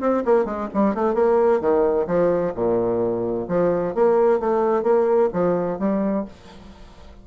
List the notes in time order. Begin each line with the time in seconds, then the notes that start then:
0.00 C4
0.25 A#3
0.45 G#3
0.73 G3
0.94 A3
1.14 A#3
1.60 D#3
2.06 F3
2.54 A#2
3.48 F3
3.94 A#3
4.39 A3
4.83 A#3
5.33 F3
5.79 G3